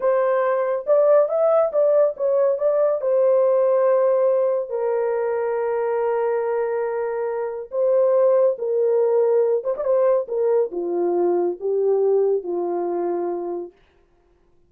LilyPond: \new Staff \with { instrumentName = "horn" } { \time 4/4 \tempo 4 = 140 c''2 d''4 e''4 | d''4 cis''4 d''4 c''4~ | c''2. ais'4~ | ais'1~ |
ais'2 c''2 | ais'2~ ais'8 c''16 d''16 c''4 | ais'4 f'2 g'4~ | g'4 f'2. | }